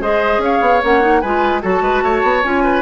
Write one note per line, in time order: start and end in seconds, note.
0.00 0.38 G#3
0.00 0.83 G#4
0.00 0.41 C5
0.00 0.42 D#5
0.38 0.58 C#4
0.38 0.84 F5
0.45 1.22 C#5
0.61 0.81 B3
0.83 1.23 A#3
0.83 1.01 C#4
0.83 1.21 F#5
1.01 1.21 D#4
1.21 1.64 G#3
1.21 1.62 F4
1.21 1.62 B4
1.21 1.61 G#5
1.62 1.82 F#3
1.62 2.42 F#4
1.62 1.82 A4
1.62 2.44 A5
1.82 2.02 G#3
1.82 2.03 B4
2.03 2.23 A3
2.03 2.64 C#5
2.23 2.43 B3
2.44 2.82 C#4
2.44 2.82 F4
2.44 2.82 G#5
2.64 2.82 B4